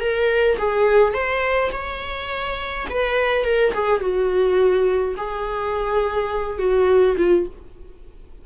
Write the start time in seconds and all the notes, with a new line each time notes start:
0.00 A#4
0.58 G#4
1.14 C5
1.72 C#5
2.89 B4
3.44 A#4
3.74 G#4
4.01 F#4
5.17 G#4
6.58 F#4
7.17 F4